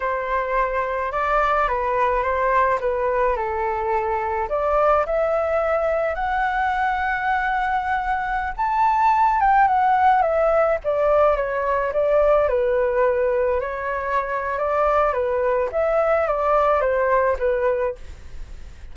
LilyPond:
\new Staff \with { instrumentName = "flute" } { \time 4/4 \tempo 4 = 107 c''2 d''4 b'4 | c''4 b'4 a'2 | d''4 e''2 fis''4~ | fis''2.~ fis''16 a''8.~ |
a''8. g''8 fis''4 e''4 d''8.~ | d''16 cis''4 d''4 b'4.~ b'16~ | b'16 cis''4.~ cis''16 d''4 b'4 | e''4 d''4 c''4 b'4 | }